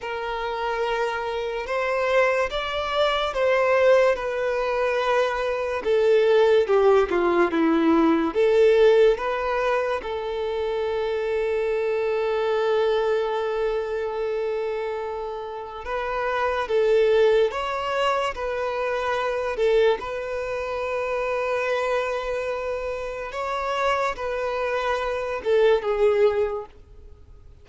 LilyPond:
\new Staff \with { instrumentName = "violin" } { \time 4/4 \tempo 4 = 72 ais'2 c''4 d''4 | c''4 b'2 a'4 | g'8 f'8 e'4 a'4 b'4 | a'1~ |
a'2. b'4 | a'4 cis''4 b'4. a'8 | b'1 | cis''4 b'4. a'8 gis'4 | }